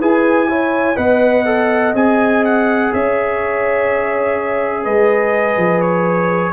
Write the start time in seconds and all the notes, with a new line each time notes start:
0.00 E4 G#4 B4 G#5
0.49 E4 C#5
0.96 B3 B4 D#5 F#5
1.46 A4
1.94 C4 G#4 G#5
2.45 F#5
2.93 C#4 C#5 E5
4.84 G#3 B4 D#5
5.57 F3
5.82 C#5